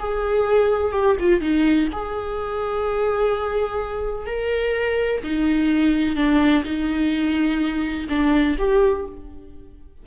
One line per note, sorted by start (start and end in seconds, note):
0.00 0.93 G#4
0.93 1.16 G4
1.20 1.41 F4
1.41 1.89 D#4
1.93 4.27 G#4
4.27 5.22 A#4
5.24 6.16 D#4
6.16 6.64 D4
6.65 8.08 D#4
8.09 8.57 D4
8.59 9.06 G4